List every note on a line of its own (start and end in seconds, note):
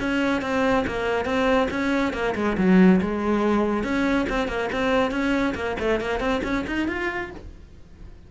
0.00 0.42 C#4
0.42 0.85 C4
0.87 1.25 A#3
1.25 1.68 C4
1.71 2.13 C#4
2.13 2.35 A#3
2.36 2.57 G#3
2.58 3.01 F#3
3.02 3.84 G#3
3.84 4.27 C#4
4.30 4.48 C4
4.48 4.70 A#3
4.73 5.11 C4
5.11 5.54 C#4
5.55 5.77 A#3
5.80 6.01 A3
6.01 6.20 A#3
6.20 6.42 C4
6.44 6.65 C#4
6.67 6.88 D#4
6.88 7.31 F4